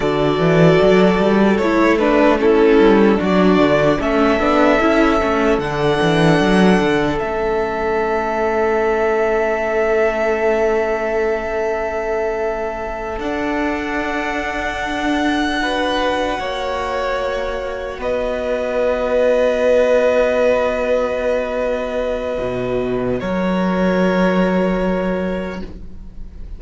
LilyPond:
<<
  \new Staff \with { instrumentName = "violin" } { \time 4/4 \tempo 4 = 75 d''2 cis''8 b'8 a'4 | d''4 e''2 fis''4~ | fis''4 e''2.~ | e''1~ |
e''8 fis''2.~ fis''8~ | fis''2~ fis''8 dis''4.~ | dis''1~ | dis''4 cis''2. | }
  \new Staff \with { instrumentName = "violin" } { \time 4/4 a'2. e'4 | fis'4 a'2.~ | a'1~ | a'1~ |
a'2.~ a'8 b'8~ | b'8 cis''2 b'4.~ | b'1~ | b'4 ais'2. | }
  \new Staff \with { instrumentName = "viola" } { \time 4/4 fis'2 e'8 d'8 cis'4 | d'4 cis'8 d'8 e'8 cis'8 d'4~ | d'4 cis'2.~ | cis'1~ |
cis'8 d'2. fis'8~ | fis'1~ | fis'1~ | fis'1 | }
  \new Staff \with { instrumentName = "cello" } { \time 4/4 d8 e8 fis8 g8 a4. g8 | fis8 d8 a8 b8 cis'8 a8 d8 e8 | fis8 d8 a2.~ | a1~ |
a8 d'2.~ d'8~ | d'8 ais2 b4.~ | b1 | b,4 fis2. | }
>>